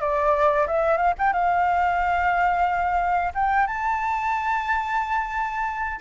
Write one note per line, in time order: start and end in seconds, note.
0.00 0.67 D5
0.67 0.97 E5
0.97 1.13 F5
1.18 1.33 G5
1.33 3.33 F5
3.34 3.66 G5
3.66 6.00 A5